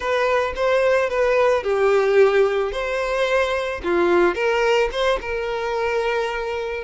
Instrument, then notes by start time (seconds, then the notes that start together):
violin
0.00 B4
0.55 C5
1.09 B4
1.63 G4
2.72 C5
3.83 F4
4.34 A#4
4.91 C5
5.21 A#4